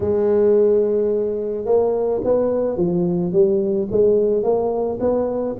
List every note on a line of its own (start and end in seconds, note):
0.00 1.65 G#3
1.65 2.20 A#3
2.24 2.76 B3
2.76 3.32 F3
3.32 3.87 G3
3.91 4.43 G#3
4.43 4.98 A#3
5.00 5.55 B3